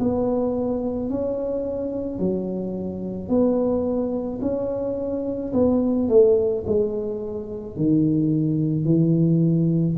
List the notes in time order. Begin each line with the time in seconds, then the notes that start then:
0.00 B3
1.10 C#4
2.19 F#3
3.28 B3
4.41 C#4
5.53 B3
6.09 A3
6.67 G#3
7.76 D#3
8.85 E3